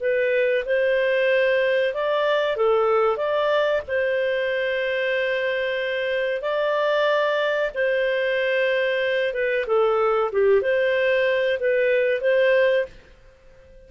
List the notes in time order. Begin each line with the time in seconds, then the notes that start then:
0.00 B4
0.66 C5
1.94 D5
2.57 A4
3.17 D5
3.88 C5
6.42 D5
7.75 C5
9.34 B4
9.67 A4
10.32 G4
10.62 C5
11.60 B4
12.21 C5